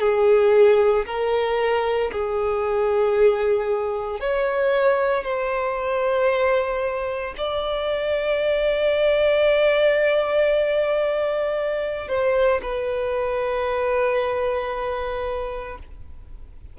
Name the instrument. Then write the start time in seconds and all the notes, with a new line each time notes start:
violin
0.00 G#4
1.06 A#4
2.12 G#4
4.20 C#5
5.24 C5
7.38 D5
12.09 C5
12.62 B4